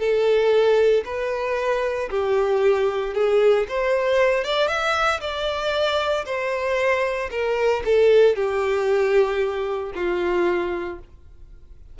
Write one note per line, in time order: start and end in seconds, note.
0.00 1.04 A4
1.05 2.10 B4
2.10 3.15 G4
3.15 3.67 G#4
3.69 4.45 C5
4.45 4.68 D5
4.68 5.21 E5
5.21 6.25 D5
6.26 7.30 C5
7.31 7.83 A#4
7.85 8.36 A4
8.36 9.93 G4
9.95 10.99 F4